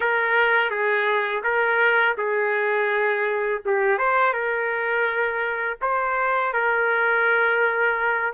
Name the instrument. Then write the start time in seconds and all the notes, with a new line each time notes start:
trumpet
0.00 A#4
0.70 G#4
1.43 A#4
2.17 G#4
3.65 G4
3.98 C5
4.33 A#4
5.81 C5
6.53 A#4